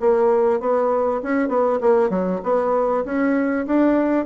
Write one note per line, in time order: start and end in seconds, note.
0.00 0.60 A#3
0.60 1.22 B3
1.23 1.49 C#4
1.49 1.79 B3
1.81 2.10 A#3
2.10 2.40 F#3
2.44 3.05 B3
3.05 3.66 C#4
3.67 4.26 D4